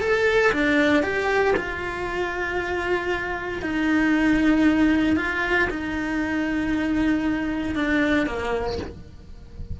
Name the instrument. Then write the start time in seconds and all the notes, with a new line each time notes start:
cello
0.00 A4
0.52 D4
1.03 G4
1.56 F4
3.62 D#4
5.16 F4
5.70 D#4
7.75 D4
8.26 A#3